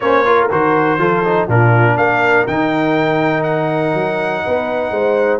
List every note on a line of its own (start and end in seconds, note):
0.00 0.50 A#3
0.00 0.25 C#4
0.00 0.26 C5
0.00 0.48 C#5
0.25 0.49 F4
0.25 0.99 A#4
0.50 0.98 D#3
0.50 0.99 F#4
0.50 1.49 C5
0.98 1.47 F3
0.98 1.23 F4
0.98 1.47 A4
1.24 1.48 D#4
1.47 1.97 A#2
1.47 2.47 D4
1.47 1.96 F4
1.47 1.97 A#4
1.97 2.46 A#3
1.97 4.44 A#4
1.97 2.46 F5
2.47 3.93 D#3
2.47 5.40 D#4
2.47 3.43 G5
3.43 5.40 F#5
3.93 4.43 F#3
4.44 4.91 B3
4.44 4.92 B4
4.91 5.40 G#3
4.91 5.40 C5